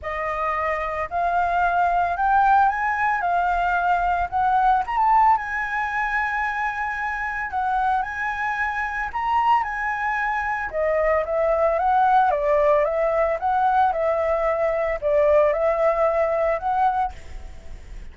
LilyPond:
\new Staff \with { instrumentName = "flute" } { \time 4/4 \tempo 4 = 112 dis''2 f''2 | g''4 gis''4 f''2 | fis''4 ais''16 a''8. gis''2~ | gis''2 fis''4 gis''4~ |
gis''4 ais''4 gis''2 | dis''4 e''4 fis''4 d''4 | e''4 fis''4 e''2 | d''4 e''2 fis''4 | }